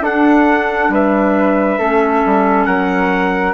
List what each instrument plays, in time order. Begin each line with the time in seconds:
0.00 bassoon D4, clarinet D4, flute A4, trumpet F#5
0.88 bassoon G3, flute B4, trumpet E5
1.78 bassoon A3, clarinet C#4, flute A4
2.25 bassoon G3
2.65 bassoon F#3, flute A#4, trumpet F#5